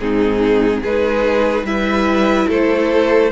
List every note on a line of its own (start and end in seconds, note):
0.00 0.83 G#2
0.00 0.84 C4
0.00 0.81 D#4
0.00 0.83 G#4
0.81 1.63 G#3
0.81 1.66 D#4
0.81 1.65 G#4
0.81 1.66 B4
1.63 2.46 G3
1.63 3.32 E4
1.63 2.48 B4
1.63 2.49 E5
2.48 3.32 A3
2.48 3.32 A4
2.48 3.32 C5